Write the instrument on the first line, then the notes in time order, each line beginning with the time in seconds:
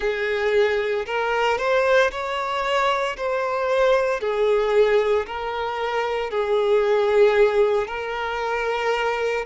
violin
0.00 G#4
1.06 A#4
1.58 C5
2.11 C#5
3.16 C5
4.20 G#4
5.26 A#4
6.30 G#4
7.87 A#4